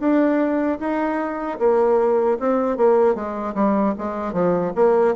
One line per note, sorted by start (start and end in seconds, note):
0.00 0.79 D4
0.80 1.59 D#4
1.59 2.38 A#3
2.40 2.77 C4
2.77 3.15 A#3
3.15 3.55 G#3
3.55 3.95 G3
3.99 4.33 G#3
4.33 4.73 F3
4.76 5.15 A#3